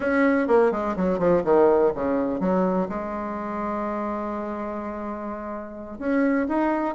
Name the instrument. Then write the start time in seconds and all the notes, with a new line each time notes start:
bassoon
0.00 C#4
0.47 A#3
0.71 G#3
0.96 F#3
1.18 F3
1.44 D#3
1.94 C#3
2.40 F#3
2.88 G#3
5.99 C#4
6.48 D#4